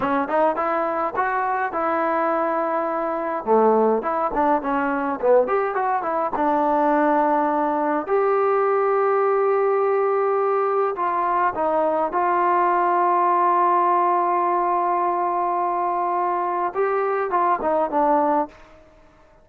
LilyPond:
\new Staff \with { instrumentName = "trombone" } { \time 4/4 \tempo 4 = 104 cis'8 dis'8 e'4 fis'4 e'4~ | e'2 a4 e'8 d'8 | cis'4 b8 g'8 fis'8 e'8 d'4~ | d'2 g'2~ |
g'2. f'4 | dis'4 f'2.~ | f'1~ | f'4 g'4 f'8 dis'8 d'4 | }